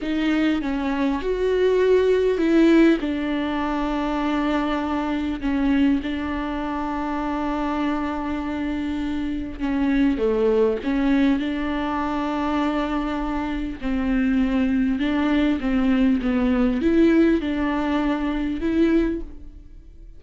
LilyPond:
\new Staff \with { instrumentName = "viola" } { \time 4/4 \tempo 4 = 100 dis'4 cis'4 fis'2 | e'4 d'2.~ | d'4 cis'4 d'2~ | d'1 |
cis'4 a4 cis'4 d'4~ | d'2. c'4~ | c'4 d'4 c'4 b4 | e'4 d'2 e'4 | }